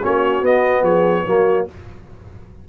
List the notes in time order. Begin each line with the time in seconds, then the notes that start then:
0.00 A#3 C#4 F#4 C#5
0.41 B3 D#5
0.82 F3 G#4 C#5
1.26 F#3 A#3 F#4